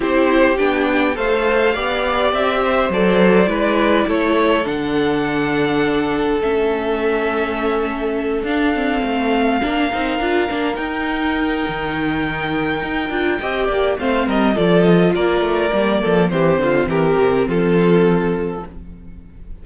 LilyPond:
<<
  \new Staff \with { instrumentName = "violin" } { \time 4/4 \tempo 4 = 103 c''4 g''4 f''2 | e''4 d''2 cis''4 | fis''2. e''4~ | e''2~ e''8 f''4.~ |
f''2~ f''8 g''4.~ | g''1 | f''8 dis''8 d''8 dis''8 d''2 | c''4 ais'4 a'2 | }
  \new Staff \with { instrumentName = "violin" } { \time 4/4 g'2 c''4 d''4~ | d''8 c''4. b'4 a'4~ | a'1~ | a'1~ |
a'8 ais'2.~ ais'8~ | ais'2. dis''8 d''8 | c''8 ais'8 a'4 ais'4. a'8 | g'8 f'8 g'4 f'2 | }
  \new Staff \with { instrumentName = "viola" } { \time 4/4 e'4 d'4 a'4 g'4~ | g'4 a'4 e'2 | d'2. cis'4~ | cis'2~ cis'8 d'8 c'4~ |
c'8 d'8 dis'8 f'8 d'8 dis'4.~ | dis'2~ dis'8 f'8 g'4 | c'4 f'2 ais4 | c'1 | }
  \new Staff \with { instrumentName = "cello" } { \time 4/4 c'4 b4 a4 b4 | c'4 fis4 gis4 a4 | d2. a4~ | a2~ a8 d'4 a8~ |
a8 ais8 c'8 d'8 ais8 dis'4. | dis2 dis'8 d'8 c'8 ais8 | a8 g8 f4 ais8 a8 g8 f8 | e8 d8 e8 c8 f2 | }
>>